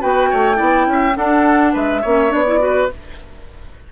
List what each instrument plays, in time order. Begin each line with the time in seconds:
0.00 bassoon B3, clarinet F#4, oboe B4, flute G5
0.31 bassoon A3, oboe C#5
0.55 bassoon B3, clarinet E4, oboe D5
0.87 bassoon C#4, oboe E5
1.17 bassoon D4, clarinet D4, oboe A4, flute F#5
1.73 bassoon G#3, oboe B4, flute E5
2.02 bassoon A#3, clarinet C#4, oboe C#5
2.29 bassoon B3, clarinet D4, flute D5
2.47 clarinet E4
2.59 clarinet F#4, oboe B4